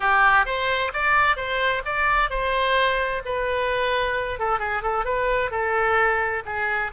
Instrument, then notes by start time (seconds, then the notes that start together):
oboe
0.00 G4
0.45 C5
0.93 D5
1.36 C5
1.85 D5
2.30 C5
3.25 B4
4.39 A4
4.59 G#4
4.82 A4
5.04 B4
5.50 A4
6.45 G#4